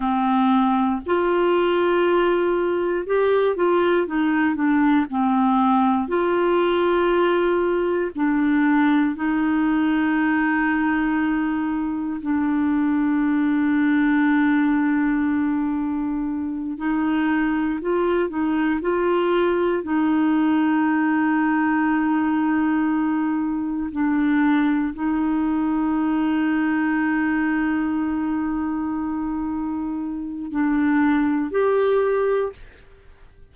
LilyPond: \new Staff \with { instrumentName = "clarinet" } { \time 4/4 \tempo 4 = 59 c'4 f'2 g'8 f'8 | dis'8 d'8 c'4 f'2 | d'4 dis'2. | d'1~ |
d'8 dis'4 f'8 dis'8 f'4 dis'8~ | dis'2.~ dis'8 d'8~ | d'8 dis'2.~ dis'8~ | dis'2 d'4 g'4 | }